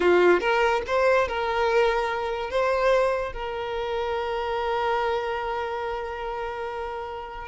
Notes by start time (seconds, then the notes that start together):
0.00 F4
0.40 A#4
0.86 C5
1.27 A#4
2.50 C5
3.32 A#4